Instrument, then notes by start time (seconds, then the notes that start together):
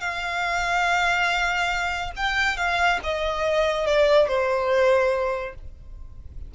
violin
0.00 F5
2.16 G5
2.57 F5
3.03 D#5
3.86 D5
4.28 C5